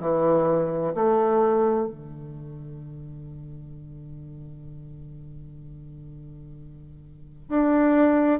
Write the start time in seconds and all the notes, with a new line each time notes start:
0.00 E3
0.94 A3
1.87 D3
7.49 D4